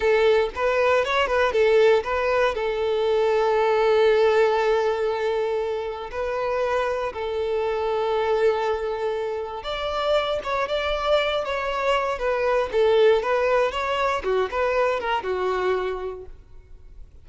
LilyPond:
\new Staff \with { instrumentName = "violin" } { \time 4/4 \tempo 4 = 118 a'4 b'4 cis''8 b'8 a'4 | b'4 a'2.~ | a'1 | b'2 a'2~ |
a'2. d''4~ | d''8 cis''8 d''4. cis''4. | b'4 a'4 b'4 cis''4 | fis'8 b'4 ais'8 fis'2 | }